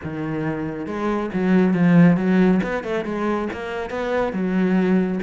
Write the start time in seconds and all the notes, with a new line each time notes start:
0.03 D#3
0.86 G#3
1.33 F#3
1.73 F3
2.16 F#3
2.63 B3
2.83 A3
3.04 G#3
3.52 A#3
3.90 B3
4.32 F#3